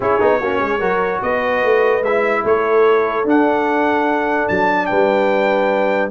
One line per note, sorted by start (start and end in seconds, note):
0.00 0.19 C#4
0.00 0.20 E4
0.00 0.40 G#4
0.00 1.21 C#5
0.20 0.41 B3
0.20 0.41 D#4
0.40 0.60 A#3
0.40 0.80 C#4
0.40 0.59 F#4
0.59 0.80 G#3
0.59 0.78 G#4
0.78 1.21 F#3
0.78 2.02 F#4
0.78 1.19 A#4
1.21 1.63 B3
1.21 2.44 B4
1.21 2.03 D#5
1.63 2.01 A3
2.01 2.42 G#3
2.01 3.26 E4
2.01 2.44 E5
2.44 3.24 A3
2.44 4.88 A4
2.44 3.27 C#5
3.24 4.47 D4
3.24 6.10 D4
3.24 4.48 F#5
4.48 4.91 F#3
4.48 4.86 A5
4.86 6.10 G3
4.86 6.10 B4
4.86 6.08 G5